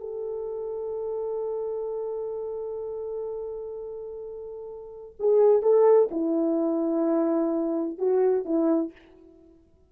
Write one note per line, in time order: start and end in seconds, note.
0.00 5.16 A4
5.20 5.62 G#4
5.62 6.09 A4
6.12 7.99 E4
7.99 8.45 F#4
8.45 8.92 E4